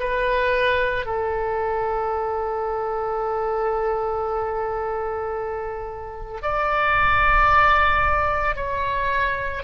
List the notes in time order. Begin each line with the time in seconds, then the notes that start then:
0.00 B4
1.06 A4
6.42 D5
8.56 C#5